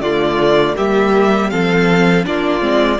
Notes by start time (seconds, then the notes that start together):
0.00 D3 A3 F4 D5
0.76 G3 A#3 G4 E5
1.50 F3 C4 A4 F5
2.23 A#3 D4 F4 D5
2.60 G#3 C4